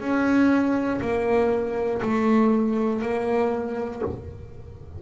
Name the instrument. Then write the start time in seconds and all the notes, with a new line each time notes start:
double bass
0.00 C#4
1.01 A#3
2.02 A3
3.02 A#3